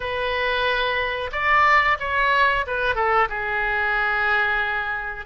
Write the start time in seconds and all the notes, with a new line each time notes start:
0.00 B4
1.32 D5
1.99 C#5
2.66 B4
2.95 A4
3.29 G#4